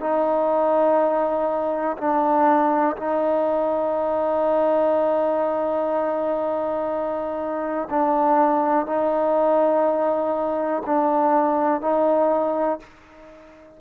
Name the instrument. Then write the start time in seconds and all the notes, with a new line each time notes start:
trombone
0.00 D#4
1.98 D4
2.96 D#4
7.90 D4
8.86 D#4
10.86 D4
11.81 D#4